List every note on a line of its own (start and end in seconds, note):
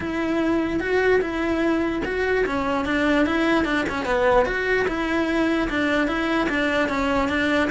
0.00 0.79 E4
0.79 1.20 F#4
1.21 2.02 E4
2.04 2.45 F#4
2.46 2.85 C#4
2.85 3.25 D4
3.25 3.64 E4
3.64 3.85 D4
3.89 4.05 C#4
4.05 4.45 B3
4.45 4.86 F#4
4.87 5.68 E4
5.69 6.07 D4
6.07 6.48 E4
6.49 6.88 D4
6.88 7.29 C#4
7.29 7.69 D4